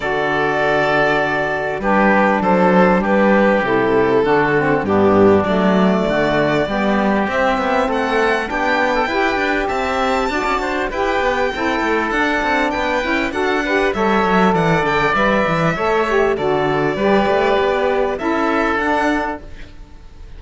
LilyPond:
<<
  \new Staff \with { instrumentName = "violin" } { \time 4/4 \tempo 4 = 99 d''2. b'4 | c''4 b'4 a'2 | g'4 d''2. | e''4 fis''4 g''2 |
a''2 g''2 | fis''4 g''4 fis''4 e''4 | fis''8 g''8 e''2 d''4~ | d''2 e''4 fis''4 | }
  \new Staff \with { instrumentName = "oboe" } { \time 4/4 a'2. g'4 | a'4 g'2 fis'4 | d'2 fis'4 g'4~ | g'4 a'4 g'8. a'16 b'4 |
e''4 d''8 c''8 b'4 a'4~ | a'4 b'4 a'8 b'8 cis''4 | d''2 cis''4 a'4 | b'2 a'2 | }
  \new Staff \with { instrumentName = "saxophone" } { \time 4/4 fis'2. d'4~ | d'2 e'4 d'8 c'8 | b4 a2 b4 | c'2 d'4 g'4~ |
g'4 fis'4 g'4 e'4 | d'4. e'8 fis'8 g'8 a'4~ | a'4 b'4 a'8 g'8 fis'4 | g'2 e'4 d'4 | }
  \new Staff \with { instrumentName = "cello" } { \time 4/4 d2. g4 | fis4 g4 c4 d4 | g,4 fis4 d4 g4 | c'8 b8 a4 b4 e'8 d'8 |
c'4 d'16 cis'16 d'8 e'8 b8 c'8 a8 | d'8 c'8 b8 cis'8 d'4 g8 fis8 | e8 d8 g8 e8 a4 d4 | g8 a8 b4 cis'4 d'4 | }
>>